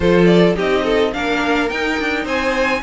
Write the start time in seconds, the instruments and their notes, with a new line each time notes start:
0.00 cello F3, viola F4, violin A4 C5
0.25 violin D5
0.54 cello C4, viola D#4, violin G4 D#5
0.83 violin A4
1.13 cello A#3, viola D4, violin A#4 F5
1.69 viola D#4, cello D#4, violin G5
1.99 cello D4
2.24 cello C4, violin C5 G#5